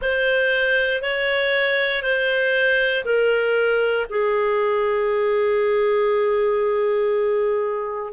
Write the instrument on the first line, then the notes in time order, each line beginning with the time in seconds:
clarinet
0.01 C5
1.02 C#5
2.02 C5
3.05 A#4
4.09 G#4